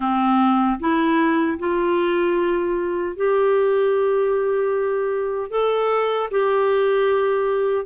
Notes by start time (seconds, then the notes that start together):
0.00 C4
0.79 E4
1.59 F4
3.16 G4
5.50 A4
6.30 G4